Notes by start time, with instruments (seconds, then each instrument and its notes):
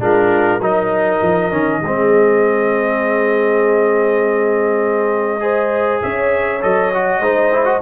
0.00 tuba G#3, trombone D4, horn F4, trumpet A#4
0.60 tuba F#3, trombone D#4, horn A#4, trumpet D#5
1.22 tuba F3
1.52 tuba D#3, trombone C#4
1.81 tuba G#3, trombone C4, horn G#4
5.40 trombone G#4, horn C5
6.02 tuba C#4, horn C#5, trumpet E5
6.62 tuba F#3, trombone A4, trumpet D#5
6.94 trombone F#4
7.20 tuba G#3, trombone D#4, horn C5
7.53 trombone E4
7.65 trombone F#4